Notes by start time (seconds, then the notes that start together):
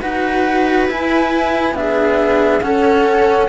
0.00 D#4 F#4 B4 F#5
0.88 E4 G#5
1.72 B3 D4 G#4 E5
2.61 C#4 A4 F#5